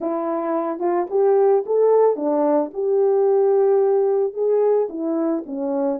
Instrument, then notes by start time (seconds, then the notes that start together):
horn
0.00 E4
0.79 F4
1.10 G4
1.66 A4
2.16 D4
2.73 G4
4.33 G#4
4.89 E4
5.45 C#4